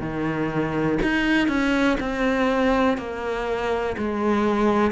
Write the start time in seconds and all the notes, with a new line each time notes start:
0.00 D#3
1.02 D#4
1.48 C#4
1.99 C4
2.97 A#3
3.97 G#3